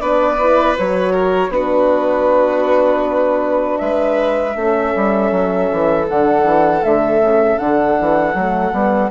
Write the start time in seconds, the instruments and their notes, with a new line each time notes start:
0.00 bassoon B3, horn D4, violin B4, flute D5
0.39 horn E4
0.77 bassoon F#3, horn F#4, flute C#5
1.12 violin A#4
1.49 bassoon B3, horn D4, violin F#4, flute B4
3.78 bassoon G#3, violin B4, flute E5
4.55 bassoon A3, horn C#4, violin A4
4.95 bassoon G3
5.31 bassoon F#3
5.72 bassoon E3
6.08 bassoon D3, horn D4, flute F#5
6.44 bassoon E3
6.82 bassoon D3, horn A3, flute E5
7.21 bassoon C#3
7.58 bassoon D3, horn D4, flute F#5
8.00 bassoon E3
8.34 bassoon F#3, horn A3
8.73 bassoon G3, horn B3